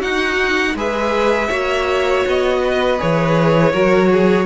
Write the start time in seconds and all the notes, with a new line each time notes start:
0.00 D#4 F#4 F#5
0.75 G#3 G#4 B4 E5
1.49 A#3 F#4 C#5
2.27 B3 D#5
2.64 B4
2.99 E3 G#4 C#5
3.73 F#3 F#4 A#4
4.12 G#4